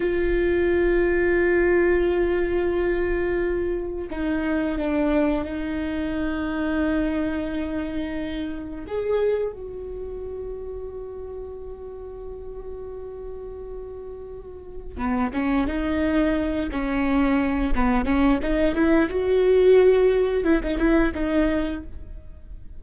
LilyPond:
\new Staff \with { instrumentName = "viola" } { \time 4/4 \tempo 4 = 88 f'1~ | f'2 dis'4 d'4 | dis'1~ | dis'4 gis'4 fis'2~ |
fis'1~ | fis'2 b8 cis'8 dis'4~ | dis'8 cis'4. b8 cis'8 dis'8 e'8 | fis'2 e'16 dis'16 e'8 dis'4 | }